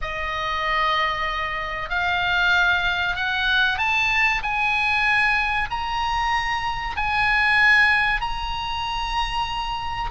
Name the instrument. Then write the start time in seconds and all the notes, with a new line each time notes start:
oboe
0.01 D#5
1.89 F5
3.16 F#5
3.78 A5
4.42 G#5
5.70 A#5
6.96 G#5
8.20 A#5